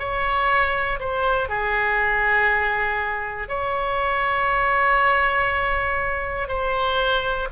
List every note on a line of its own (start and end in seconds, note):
0.00 1.00 C#5
1.00 1.50 C5
1.50 3.49 G#4
3.49 6.49 C#5
6.49 7.49 C5